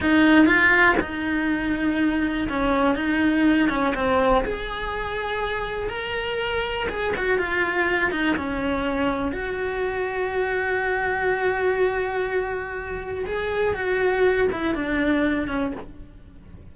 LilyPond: \new Staff \with { instrumentName = "cello" } { \time 4/4 \tempo 4 = 122 dis'4 f'4 dis'2~ | dis'4 cis'4 dis'4. cis'8 | c'4 gis'2. | ais'2 gis'8 fis'8 f'4~ |
f'8 dis'8 cis'2 fis'4~ | fis'1~ | fis'2. gis'4 | fis'4. e'8 d'4. cis'8 | }